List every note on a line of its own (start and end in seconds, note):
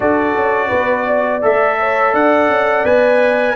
0.00 0.35 D4
0.00 1.42 F#4
0.00 0.68 A4
0.00 1.42 D5
0.35 0.71 C#4
0.68 1.43 B3
0.68 1.03 B4
1.06 1.78 D5
1.42 2.13 A3
1.42 2.84 A4
1.42 2.14 E5
1.79 2.13 C#5
2.13 2.48 D4
2.13 3.55 D5
2.13 2.85 F#5
2.48 2.84 C#4
2.84 3.55 B3
2.84 3.55 B4
2.84 3.55 G#5